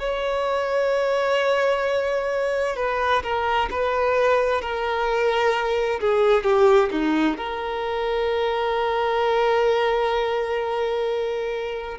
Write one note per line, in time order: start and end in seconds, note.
0.00 2.77 C#5
2.77 3.23 B4
3.23 3.70 A#4
3.71 4.62 B4
4.62 6.00 A#4
6.01 6.44 G#4
6.44 6.90 G4
6.91 7.37 D#4
7.37 11.99 A#4